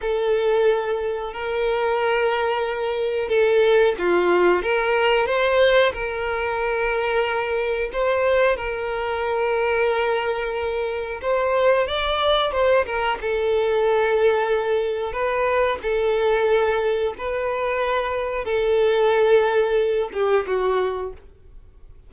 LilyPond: \new Staff \with { instrumentName = "violin" } { \time 4/4 \tempo 4 = 91 a'2 ais'2~ | ais'4 a'4 f'4 ais'4 | c''4 ais'2. | c''4 ais'2.~ |
ais'4 c''4 d''4 c''8 ais'8 | a'2. b'4 | a'2 b'2 | a'2~ a'8 g'8 fis'4 | }